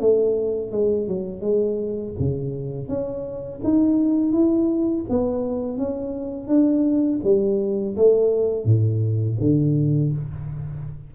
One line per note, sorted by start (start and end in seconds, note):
0.00 0.72 A3
0.72 1.08 G#3
1.08 1.41 F#3
1.41 2.13 G#3
2.19 2.88 C#3
2.88 3.61 C#4
3.64 4.33 D#4
4.33 5.05 E4
5.09 5.78 B3
5.78 6.48 C#4
6.48 7.20 D4
7.24 7.96 G3
7.96 8.65 A3
8.65 9.37 A2
9.40 10.12 D3